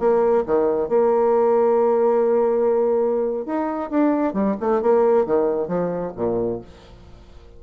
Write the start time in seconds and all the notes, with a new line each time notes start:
0.00 A#3
0.47 D#3
0.89 A#3
3.46 D#4
3.91 D4
4.34 G3
4.61 A3
4.82 A#3
5.26 D#3
5.68 F3
6.17 A#2